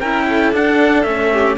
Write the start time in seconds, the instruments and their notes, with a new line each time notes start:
0.00 cello C#4 E4, violin A#4, trumpet G5
0.29 violin A4
0.53 cello D4, trumpet F#5
1.03 cello A3 C#4, trumpet E5
1.33 violin G4